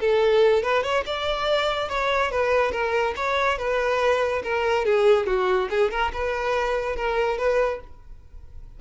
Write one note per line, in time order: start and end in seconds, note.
0.00 0.63 A4
0.63 0.83 B4
0.83 1.04 C#5
1.06 1.89 D5
1.89 2.31 C#5
2.31 2.72 B4
2.72 3.14 A#4
3.16 3.58 C#5
3.58 4.42 B4
4.43 4.85 A#4
4.85 5.26 G#4
5.26 5.69 F#4
5.70 5.91 G#4
5.91 6.12 A#4
6.13 6.96 B4
6.96 7.38 A#4
7.38 7.80 B4